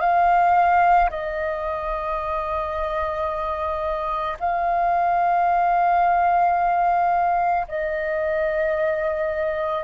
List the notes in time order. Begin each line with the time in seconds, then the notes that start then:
0.00 F5
1.10 D#5
4.39 F5
7.68 D#5